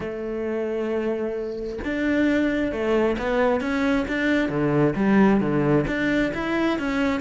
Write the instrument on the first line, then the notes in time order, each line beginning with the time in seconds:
cello
0.00 A3
1.84 D4
2.71 A3
3.18 B3
3.60 C#4
4.07 D4
4.49 D3
4.95 G3
5.40 D3
5.87 D4
6.34 E4
6.78 C#4